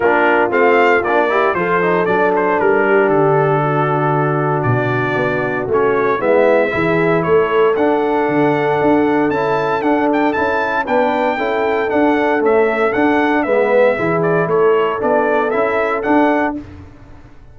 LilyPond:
<<
  \new Staff \with { instrumentName = "trumpet" } { \time 4/4 \tempo 4 = 116 ais'4 f''4 d''4 c''4 | d''8 c''8 ais'4 a'2~ | a'4 d''2 cis''4 | e''2 cis''4 fis''4~ |
fis''2 a''4 fis''8 g''8 | a''4 g''2 fis''4 | e''4 fis''4 e''4. d''8 | cis''4 d''4 e''4 fis''4 | }
  \new Staff \with { instrumentName = "horn" } { \time 4/4 f'2~ f'8 g'8 a'4~ | a'4. g'4. fis'4~ | fis'1 | e'4 gis'4 a'2~ |
a'1~ | a'4 b'4 a'2~ | a'2 b'4 gis'4 | a'1 | }
  \new Staff \with { instrumentName = "trombone" } { \time 4/4 d'4 c'4 d'8 e'8 f'8 dis'8 | d'1~ | d'2. cis'4 | b4 e'2 d'4~ |
d'2 e'4 d'4 | e'4 d'4 e'4 d'4 | a4 d'4 b4 e'4~ | e'4 d'4 e'4 d'4 | }
  \new Staff \with { instrumentName = "tuba" } { \time 4/4 ais4 a4 ais4 f4 | fis4 g4 d2~ | d4 b,4 b4 a4 | gis4 e4 a4 d'4 |
d4 d'4 cis'4 d'4 | cis'4 b4 cis'4 d'4 | cis'4 d'4 gis4 e4 | a4 b4 cis'4 d'4 | }
>>